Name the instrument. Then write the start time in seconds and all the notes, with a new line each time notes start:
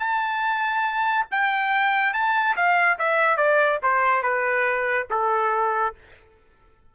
trumpet
0.00 A5
1.31 G5
2.14 A5
2.56 F5
2.99 E5
3.37 D5
3.83 C5
4.23 B4
5.10 A4